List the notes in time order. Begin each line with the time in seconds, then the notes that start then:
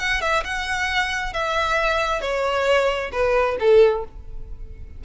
0.00 F#5
0.22 E5
0.45 F#5
1.34 E5
2.22 C#5
3.13 B4
3.60 A4